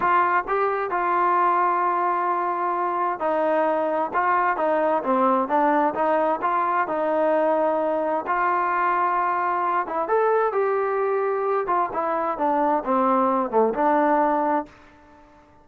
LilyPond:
\new Staff \with { instrumentName = "trombone" } { \time 4/4 \tempo 4 = 131 f'4 g'4 f'2~ | f'2. dis'4~ | dis'4 f'4 dis'4 c'4 | d'4 dis'4 f'4 dis'4~ |
dis'2 f'2~ | f'4. e'8 a'4 g'4~ | g'4. f'8 e'4 d'4 | c'4. a8 d'2 | }